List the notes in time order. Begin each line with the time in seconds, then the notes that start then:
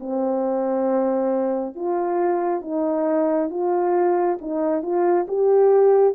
0.00 C4
1.75 F4
2.61 D#4
3.50 F4
4.41 D#4
4.82 F4
5.28 G4